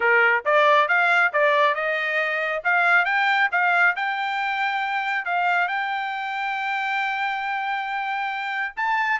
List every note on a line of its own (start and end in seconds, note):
0.00 0.44 A#4
0.45 0.88 D5
0.88 1.32 F5
1.32 1.74 D5
1.74 2.62 D#5
2.63 3.05 F5
3.05 3.49 G5
3.51 3.95 F5
3.95 5.25 G5
5.25 5.68 F5
5.68 8.74 G5
8.76 9.19 A5